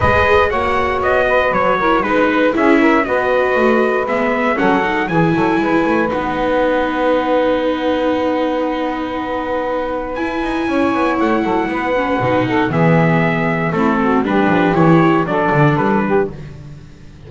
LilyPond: <<
  \new Staff \with { instrumentName = "trumpet" } { \time 4/4 \tempo 4 = 118 dis''4 fis''4 dis''4 cis''4 | b'4 e''4 dis''2 | e''4 fis''4 gis''2 | fis''1~ |
fis''1 | gis''2 fis''2~ | fis''4 e''2 a'4 | b'4 cis''4 d''4 b'4 | }
  \new Staff \with { instrumentName = "saxophone" } { \time 4/4 b'4 cis''4. b'4 ais'8 | b'4 gis'8 ais'8 b'2~ | b'4 a'4 gis'8 a'8 b'4~ | b'1~ |
b'1~ | b'4 cis''4. a'8 b'4~ | b'8 a'8 gis'2 e'8 fis'8 | g'2 a'4. g'8 | }
  \new Staff \with { instrumentName = "viola" } { \time 4/4 gis'4 fis'2~ fis'8 e'8 | dis'4 e'4 fis'2 | b4 cis'8 dis'8 e'2 | dis'1~ |
dis'1 | e'2.~ e'8 cis'8 | dis'4 b2 c'4 | d'4 e'4 d'2 | }
  \new Staff \with { instrumentName = "double bass" } { \time 4/4 gis4 ais4 b4 fis4 | gis4 cis'4 b4 a4 | gis4 fis4 e8 fis8 gis8 a8 | b1~ |
b1 | e'8 dis'8 cis'8 b8 a8 fis8 b4 | b,4 e2 a4 | g8 f8 e4 fis8 d8 g4 | }
>>